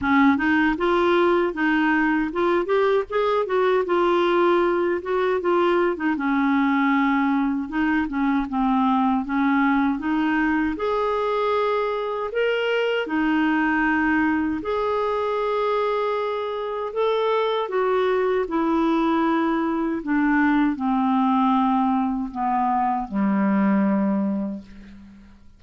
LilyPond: \new Staff \with { instrumentName = "clarinet" } { \time 4/4 \tempo 4 = 78 cis'8 dis'8 f'4 dis'4 f'8 g'8 | gis'8 fis'8 f'4. fis'8 f'8. dis'16 | cis'2 dis'8 cis'8 c'4 | cis'4 dis'4 gis'2 |
ais'4 dis'2 gis'4~ | gis'2 a'4 fis'4 | e'2 d'4 c'4~ | c'4 b4 g2 | }